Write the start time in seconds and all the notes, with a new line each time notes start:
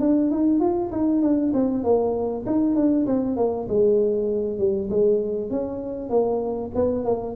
0.00 D4
0.31 D#4
0.60 F4
0.92 D#4
1.22 D4
1.54 C4
1.84 A#3
2.46 D#4
2.76 D4
3.06 C4
3.37 A#3
3.68 G#3
4.59 G3
4.90 G#3
5.50 C#4
6.10 A#3
6.75 B3
7.05 A#3